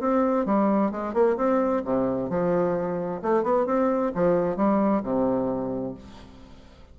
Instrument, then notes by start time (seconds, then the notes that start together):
bassoon
0.00 C4
0.46 G3
0.91 G#3
1.13 A#3
1.37 C4
1.85 C3
2.30 F3
3.22 A3
3.43 B3
3.66 C4
4.15 F3
4.57 G3
5.03 C3